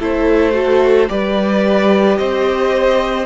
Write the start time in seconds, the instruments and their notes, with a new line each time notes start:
0.00 cello A3, viola E4, violin A4 C5
0.52 viola F#4
1.09 cello G3, viola G4, violin B4 D5
2.18 cello C4, violin C5 D#5